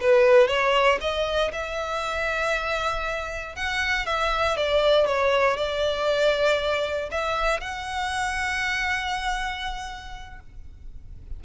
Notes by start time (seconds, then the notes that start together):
0.00 B4
0.47 C#5
1.01 D#5
1.52 E5
3.55 F#5
4.06 E5
4.56 D5
5.06 C#5
5.57 D5
7.11 E5
7.60 F#5